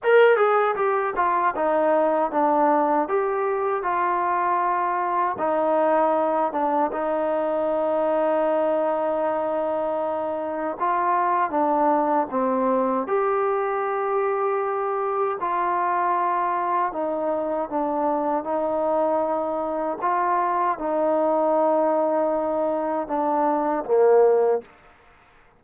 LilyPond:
\new Staff \with { instrumentName = "trombone" } { \time 4/4 \tempo 4 = 78 ais'8 gis'8 g'8 f'8 dis'4 d'4 | g'4 f'2 dis'4~ | dis'8 d'8 dis'2.~ | dis'2 f'4 d'4 |
c'4 g'2. | f'2 dis'4 d'4 | dis'2 f'4 dis'4~ | dis'2 d'4 ais4 | }